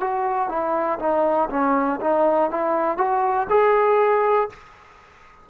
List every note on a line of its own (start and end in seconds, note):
0.00 0.48 F#4
0.48 0.98 E4
0.99 1.49 D#4
1.50 2.00 C#4
2.00 2.50 D#4
2.50 2.97 E4
2.97 3.47 F#4
3.49 4.49 G#4